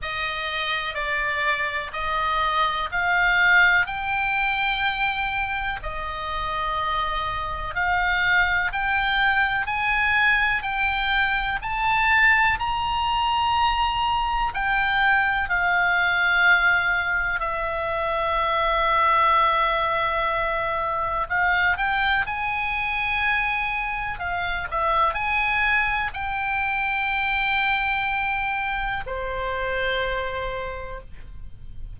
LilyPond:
\new Staff \with { instrumentName = "oboe" } { \time 4/4 \tempo 4 = 62 dis''4 d''4 dis''4 f''4 | g''2 dis''2 | f''4 g''4 gis''4 g''4 | a''4 ais''2 g''4 |
f''2 e''2~ | e''2 f''8 g''8 gis''4~ | gis''4 f''8 e''8 gis''4 g''4~ | g''2 c''2 | }